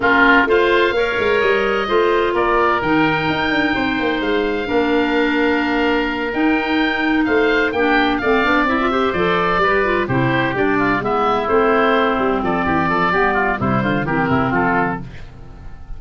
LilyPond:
<<
  \new Staff \with { instrumentName = "oboe" } { \time 4/4 \tempo 4 = 128 ais'4 f''2 dis''4~ | dis''4 d''4 g''2~ | g''4 f''2.~ | f''4. g''2 f''8~ |
f''8 g''4 f''4 e''4 d''8~ | d''4. c''4 d''4 e''8~ | e''8 c''2 d''4.~ | d''4 c''4 ais'4 a'4 | }
  \new Staff \with { instrumentName = "oboe" } { \time 4/4 f'4 c''4 cis''2 | c''4 ais'2. | c''2 ais'2~ | ais'2.~ ais'8 c''8~ |
c''8 g'4 d''4. c''4~ | c''8 b'4 g'4. f'8 e'8~ | e'2~ e'8 a'8 g'8 a'8 | g'8 f'8 e'8 f'8 g'8 e'8 f'4 | }
  \new Staff \with { instrumentName = "clarinet" } { \time 4/4 cis'4 f'4 ais'2 | f'2 dis'2~ | dis'2 d'2~ | d'4. dis'2~ dis'8~ |
dis'8 d'4 c'8 d'8 e'16 f'16 g'8 a'8~ | a'8 g'8 f'8 e'4 d'4 b8~ | b8 c'2.~ c'8 | b4 g4 c'2 | }
  \new Staff \with { instrumentName = "tuba" } { \time 4/4 ais4 a4 ais8 gis8 g4 | a4 ais4 dis4 dis'8 d'8 | c'8 ais8 gis4 ais2~ | ais4. dis'2 a8~ |
a8 ais4 a8 b8 c'4 f8~ | f8 g4 c4 g4 gis8~ | gis8 a4. g8 f8 e8 f8 | g4 c8 d8 e8 c8 f4 | }
>>